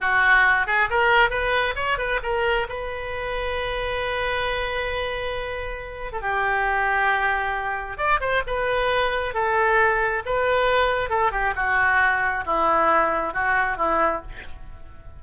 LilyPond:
\new Staff \with { instrumentName = "oboe" } { \time 4/4 \tempo 4 = 135 fis'4. gis'8 ais'4 b'4 | cis''8 b'8 ais'4 b'2~ | b'1~ | b'4.~ b'16 a'16 g'2~ |
g'2 d''8 c''8 b'4~ | b'4 a'2 b'4~ | b'4 a'8 g'8 fis'2 | e'2 fis'4 e'4 | }